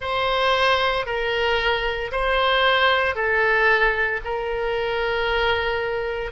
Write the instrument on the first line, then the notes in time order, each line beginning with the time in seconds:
oboe
0.00 C5
1.05 A#4
2.11 C5
3.15 A4
4.24 A#4